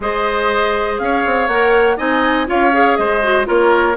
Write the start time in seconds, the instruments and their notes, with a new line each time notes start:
0.00 bassoon G#3, clarinet G#4, oboe C5, flute D#5
0.98 bassoon C#4, oboe C#5, flute F5
1.25 bassoon C4
1.48 bassoon A#3, clarinet A#4, flute F#5
1.97 bassoon C4, clarinet D#4, oboe D#5, flute G#5
2.46 bassoon C#4, clarinet F4, oboe C#5, flute F5
2.72 clarinet G#4
2.96 bassoon G#3, oboe C5, flute D#5
3.23 clarinet F#4
3.45 bassoon A#3, clarinet F4, oboe A#4, flute C#5